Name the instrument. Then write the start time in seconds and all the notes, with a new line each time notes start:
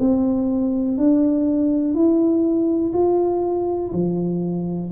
tuba
0.00 C4
0.98 D4
1.95 E4
2.94 F4
3.93 F3